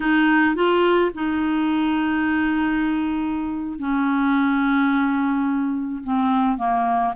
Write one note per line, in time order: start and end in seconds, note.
0.00 0.55 D#4
0.55 1.11 F4
1.14 3.79 D#4
3.79 6.03 C#4
6.03 6.57 C4
6.57 7.13 A#3